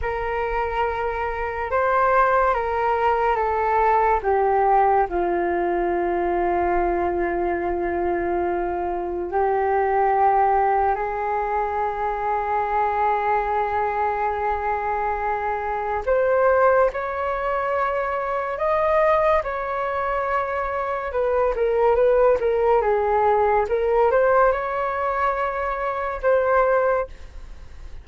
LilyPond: \new Staff \with { instrumentName = "flute" } { \time 4/4 \tempo 4 = 71 ais'2 c''4 ais'4 | a'4 g'4 f'2~ | f'2. g'4~ | g'4 gis'2.~ |
gis'2. c''4 | cis''2 dis''4 cis''4~ | cis''4 b'8 ais'8 b'8 ais'8 gis'4 | ais'8 c''8 cis''2 c''4 | }